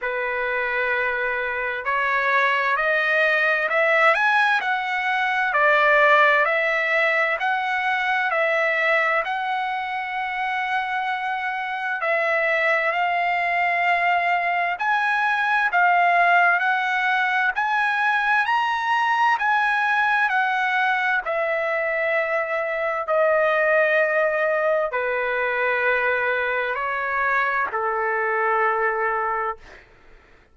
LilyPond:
\new Staff \with { instrumentName = "trumpet" } { \time 4/4 \tempo 4 = 65 b'2 cis''4 dis''4 | e''8 gis''8 fis''4 d''4 e''4 | fis''4 e''4 fis''2~ | fis''4 e''4 f''2 |
gis''4 f''4 fis''4 gis''4 | ais''4 gis''4 fis''4 e''4~ | e''4 dis''2 b'4~ | b'4 cis''4 a'2 | }